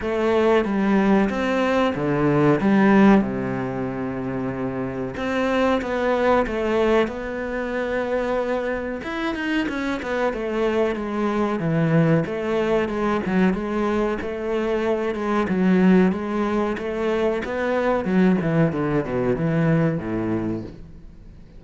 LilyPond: \new Staff \with { instrumentName = "cello" } { \time 4/4 \tempo 4 = 93 a4 g4 c'4 d4 | g4 c2. | c'4 b4 a4 b4~ | b2 e'8 dis'8 cis'8 b8 |
a4 gis4 e4 a4 | gis8 fis8 gis4 a4. gis8 | fis4 gis4 a4 b4 | fis8 e8 d8 b,8 e4 a,4 | }